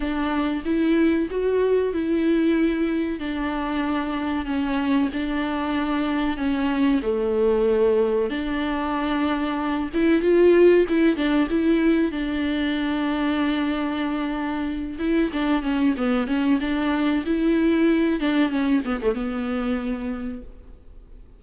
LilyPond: \new Staff \with { instrumentName = "viola" } { \time 4/4 \tempo 4 = 94 d'4 e'4 fis'4 e'4~ | e'4 d'2 cis'4 | d'2 cis'4 a4~ | a4 d'2~ d'8 e'8 |
f'4 e'8 d'8 e'4 d'4~ | d'2.~ d'8 e'8 | d'8 cis'8 b8 cis'8 d'4 e'4~ | e'8 d'8 cis'8 b16 a16 b2 | }